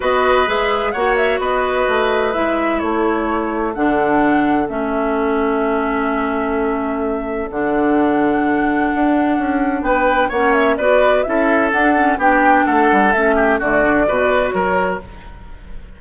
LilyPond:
<<
  \new Staff \with { instrumentName = "flute" } { \time 4/4 \tempo 4 = 128 dis''4 e''4 fis''8 e''8 dis''4~ | dis''4 e''4 cis''2 | fis''2 e''2~ | e''1 |
fis''1~ | fis''4 g''4 fis''8 e''8 d''4 | e''4 fis''4 g''4 fis''4 | e''4 d''2 cis''4 | }
  \new Staff \with { instrumentName = "oboe" } { \time 4/4 b'2 cis''4 b'4~ | b'2 a'2~ | a'1~ | a'1~ |
a'1~ | a'4 b'4 cis''4 b'4 | a'2 g'4 a'4~ | a'8 g'8 fis'4 b'4 ais'4 | }
  \new Staff \with { instrumentName = "clarinet" } { \time 4/4 fis'4 gis'4 fis'2~ | fis'4 e'2. | d'2 cis'2~ | cis'1 |
d'1~ | d'2 cis'4 fis'4 | e'4 d'8 cis'8 d'2 | cis'4 a8 d'8 fis'2 | }
  \new Staff \with { instrumentName = "bassoon" } { \time 4/4 b4 gis4 ais4 b4 | a4 gis4 a2 | d2 a2~ | a1 |
d2. d'4 | cis'4 b4 ais4 b4 | cis'4 d'4 b4 a8 g8 | a4 d4 b,4 fis4 | }
>>